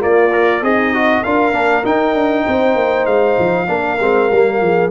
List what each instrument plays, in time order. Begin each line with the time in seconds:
0.00 trombone A#3, tuba A#3, horn F4, trumpet D5
0.33 trombone A#4
0.62 tuba C4, horn D#4, trombone G#4, trumpet D#5
0.94 trombone F#4
1.22 tuba D4, trombone F4, horn A#4, trumpet F5
1.53 tuba A#3, trombone D4
1.84 trombone D#4, tuba D#4, trumpet G5
2.15 tuba D4
2.45 tuba C4, horn C5
2.76 tuba A#3
3.07 tuba G#3, trumpet F5
3.39 tuba F3
3.67 tuba A#3, trombone D4, horn A#4
4.01 tuba G#3, trombone C4
4.32 tuba G3, trombone A#3
4.61 tuba F3, horn G#4